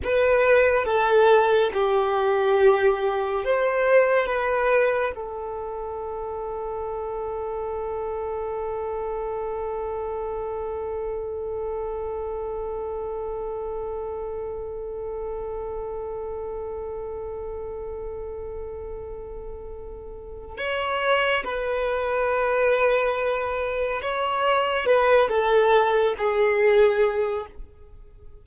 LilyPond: \new Staff \with { instrumentName = "violin" } { \time 4/4 \tempo 4 = 70 b'4 a'4 g'2 | c''4 b'4 a'2~ | a'1~ | a'1~ |
a'1~ | a'1 | cis''4 b'2. | cis''4 b'8 a'4 gis'4. | }